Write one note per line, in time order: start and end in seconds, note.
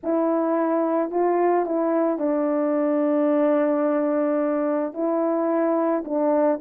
0.03 1.10 E4
1.10 1.65 F4
1.65 2.18 E4
2.18 4.93 D4
4.93 6.03 E4
6.04 6.59 D4